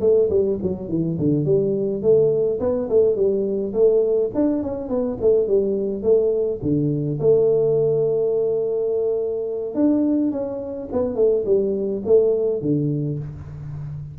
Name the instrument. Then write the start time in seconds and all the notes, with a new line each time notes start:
tuba
0.00 A3
0.29 G3
0.62 F#3
0.88 E3
1.18 D3
1.45 G3
2.02 A3
2.59 B3
2.89 A3
3.15 G3
3.73 A3
4.35 D4
4.62 C#4
4.89 B3
5.21 A3
5.47 G3
6.02 A3
6.62 D3
7.19 A3
9.74 D4
10.31 C#4
10.92 B3
11.15 A3
11.45 G3
12.05 A3
12.61 D3